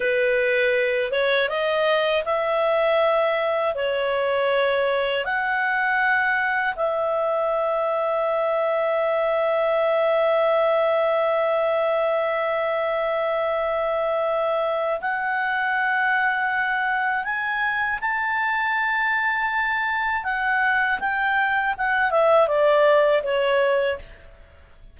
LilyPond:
\new Staff \with { instrumentName = "clarinet" } { \time 4/4 \tempo 4 = 80 b'4. cis''8 dis''4 e''4~ | e''4 cis''2 fis''4~ | fis''4 e''2.~ | e''1~ |
e''1 | fis''2. gis''4 | a''2. fis''4 | g''4 fis''8 e''8 d''4 cis''4 | }